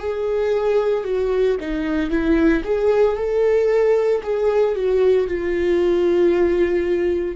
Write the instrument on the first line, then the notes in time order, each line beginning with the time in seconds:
viola
0.00 G#4
1.04 F#4
1.61 D#4
2.11 E4
2.64 G#4
3.17 A4
4.23 G#4
4.76 F#4
5.28 F4